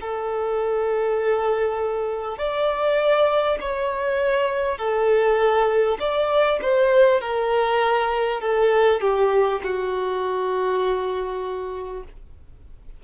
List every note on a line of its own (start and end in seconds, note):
0.00 2.37 A4
2.37 3.57 D5
3.61 4.77 C#5
4.77 5.97 A4
5.99 6.59 D5
6.62 7.21 C5
7.21 8.41 A#4
8.41 9.00 A4
9.00 9.60 G4
9.63 12.03 F#4